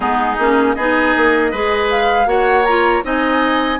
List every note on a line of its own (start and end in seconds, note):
0.00 0.37 G#3
0.00 0.36 B3
0.00 0.76 D#4
0.00 0.73 G#4
0.38 0.76 A#3
0.38 0.78 C#4
0.73 1.14 B3
0.73 1.53 D#4
0.73 1.51 G#4
0.73 1.87 D#5
1.16 1.52 A#3
1.51 2.26 G#3
1.51 2.25 G#4
1.51 2.27 B4
1.90 2.28 F5
2.25 3.02 A#3
2.25 2.63 F#4
2.25 3.04 C#5
2.25 2.65 F#5
2.65 3.03 F4
2.65 3.03 A#5
3.03 3.79 C4
3.03 3.79 D#4
3.03 3.79 D#5
3.03 3.79 G#5